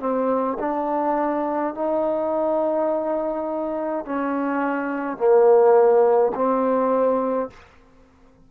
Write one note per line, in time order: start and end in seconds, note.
0.00 0.58 C4
0.59 1.75 D4
1.75 4.05 D#4
4.05 5.18 C#4
5.18 6.33 A#3
6.35 7.51 C4